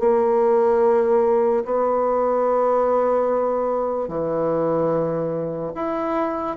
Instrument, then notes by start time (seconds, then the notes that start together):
bassoon
0.00 A#3
1.65 B3
4.08 E3
5.75 E4